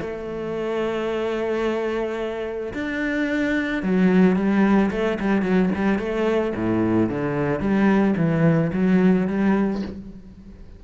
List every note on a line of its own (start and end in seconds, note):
0.00 2.73 A3
2.73 3.82 D4
3.82 4.36 F#3
4.36 4.90 G3
4.91 5.18 A3
5.19 5.42 G3
5.42 5.69 F#3
5.74 5.99 G3
5.99 6.53 A3
6.55 7.09 A2
7.09 7.60 D3
7.60 8.14 G3
8.16 8.71 E3
8.73 9.27 F#3
9.27 9.82 G3